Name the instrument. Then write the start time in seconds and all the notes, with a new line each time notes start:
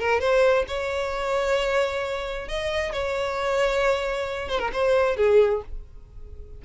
violin
0.00 A#4
0.20 C5
0.68 C#5
2.48 D#5
2.93 C#5
4.49 C5
4.60 A#4
4.73 C5
5.17 G#4